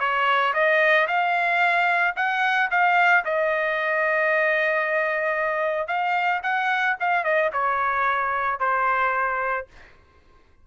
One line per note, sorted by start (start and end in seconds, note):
0.00 0.54 C#5
0.54 1.08 D#5
1.08 2.15 F5
2.16 2.70 F#5
2.71 3.25 F5
3.25 5.88 D#5
5.88 6.41 F5
6.43 6.97 F#5
7.00 7.24 F5
7.24 7.51 D#5
7.53 8.60 C#5
8.60 9.67 C5